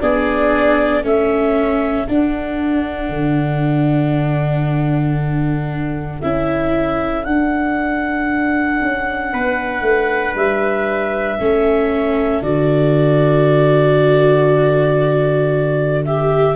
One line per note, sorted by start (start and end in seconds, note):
0.00 1.03 B3
0.00 1.03 D4
0.00 1.01 G#4
0.00 1.03 D5
1.01 2.06 A3
1.01 2.06 C#4
1.01 9.29 A4
1.01 2.07 E5
2.07 6.21 D4
2.07 3.09 D4
2.07 6.21 F#5
3.09 6.19 D3
6.21 7.25 C#4
6.21 7.25 E4
6.21 7.24 E5
7.24 8.80 D4
7.24 11.39 D4
7.24 10.34 F#5
8.82 9.33 C#4
9.32 9.81 B3
9.32 11.39 B4
9.81 10.33 A3
10.34 11.38 G3
10.34 12.42 E5
11.39 12.41 A3
11.39 12.42 C#4
11.39 16.56 A4
12.41 16.55 D3
12.41 16.05 F#4
12.41 16.04 D5
16.04 16.56 G4
16.04 16.56 E5